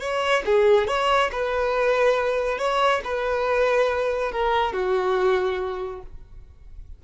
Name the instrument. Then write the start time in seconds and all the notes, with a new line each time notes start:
violin
0.00 C#5
0.45 G#4
0.87 C#5
1.31 B4
2.58 C#5
3.04 B4
4.31 A#4
4.73 F#4